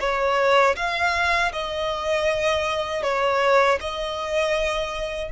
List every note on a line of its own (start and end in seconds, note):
0.00 0.76 C#5
0.76 1.52 F5
1.53 3.03 D#5
3.03 3.79 C#5
3.81 5.32 D#5